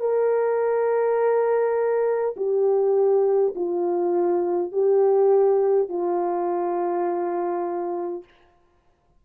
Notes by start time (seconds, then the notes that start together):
0.00 A#4
2.36 G4
3.55 F4
4.72 G4
5.89 F4